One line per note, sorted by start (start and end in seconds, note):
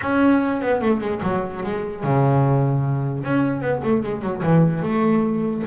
0.01 0.61 C#4
0.61 0.81 B3
0.81 1.01 A3
1.01 1.21 G#3
1.22 1.63 F#3
1.63 2.03 G#3
2.03 3.23 C#3
3.23 3.61 C#4
3.61 3.81 B3
3.83 4.02 A3
4.02 4.21 G#3
4.21 4.41 F#3
4.42 4.82 E3
4.82 5.62 A3